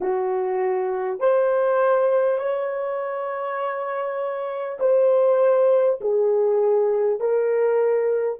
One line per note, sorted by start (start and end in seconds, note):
0.01 1.19 F#4
1.19 2.38 C5
2.38 4.78 C#5
4.79 5.99 C5
6.01 7.19 G#4
7.19 8.39 A#4